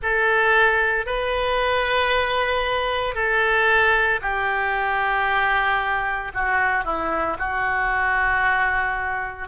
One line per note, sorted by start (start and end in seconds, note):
0.02 1.05 A4
1.05 3.14 B4
3.14 4.20 A4
4.21 6.32 G4
6.34 6.84 F#4
6.84 7.37 E4
7.38 9.48 F#4